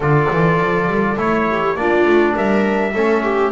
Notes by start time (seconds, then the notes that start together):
0.00 D3 F4 A4 D5
0.31 E3
0.60 F3
0.87 G3
1.17 A3 E4 C#5
1.50 G4
1.75 A#3 D4 F4 D5
2.05 A3
2.35 G3 A#4 E5
2.94 A3 C#4 A4
3.23 G4